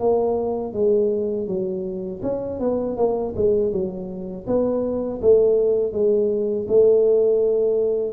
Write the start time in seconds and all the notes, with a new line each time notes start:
0.00 A#3
0.73 G#3
1.47 F#3
2.23 C#4
2.60 B3
2.97 A#3
3.36 G#3
3.72 F#3
4.47 B3
5.22 A3
5.93 G#3
6.68 A3